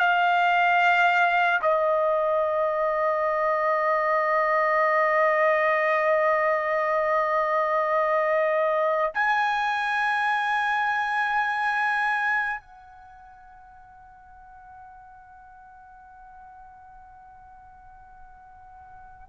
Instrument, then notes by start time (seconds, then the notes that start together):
trumpet
0.00 F5
1.62 D#5
9.15 G#5
12.61 F#5